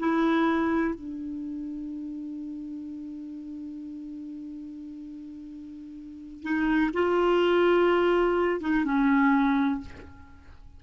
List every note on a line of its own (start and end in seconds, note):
0.00 0.95 E4
0.95 6.43 D4
6.43 6.91 D#4
6.94 8.61 F4
8.61 8.85 D#4
8.85 9.81 C#4